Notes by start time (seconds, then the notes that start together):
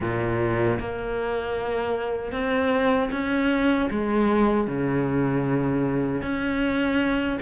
0.00 A#2
0.79 A#3
2.32 C4
3.11 C#4
3.90 G#3
4.67 C#3
6.22 C#4